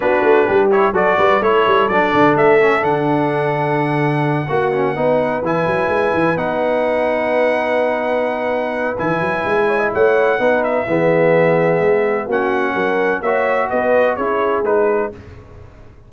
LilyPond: <<
  \new Staff \with { instrumentName = "trumpet" } { \time 4/4 \tempo 4 = 127 b'4. cis''8 d''4 cis''4 | d''4 e''4 fis''2~ | fis''2.~ fis''8 gis''8~ | gis''4. fis''2~ fis''8~ |
fis''2. gis''4~ | gis''4 fis''4. e''4.~ | e''2 fis''2 | e''4 dis''4 cis''4 b'4 | }
  \new Staff \with { instrumentName = "horn" } { \time 4/4 fis'4 g'4 a'8 b'8 a'4~ | a'1~ | a'4. fis'4 b'4.~ | b'1~ |
b'1~ | b'8 cis''16 dis''16 cis''4 b'4 gis'4~ | gis'2 fis'4 ais'4 | cis''4 b'4 gis'2 | }
  \new Staff \with { instrumentName = "trombone" } { \time 4/4 d'4. e'8 fis'4 e'4 | d'4. cis'8 d'2~ | d'4. fis'8 cis'8 dis'4 e'8~ | e'4. dis'2~ dis'8~ |
dis'2. e'4~ | e'2 dis'4 b4~ | b2 cis'2 | fis'2 e'4 dis'4 | }
  \new Staff \with { instrumentName = "tuba" } { \time 4/4 b8 a8 g4 fis8 g8 a8 g8 | fis8 d8 a4 d2~ | d4. ais4 b4 e8 | fis8 gis8 e8 b2~ b8~ |
b2. e8 fis8 | gis4 a4 b4 e4~ | e4 gis4 ais4 fis4 | ais4 b4 cis'4 gis4 | }
>>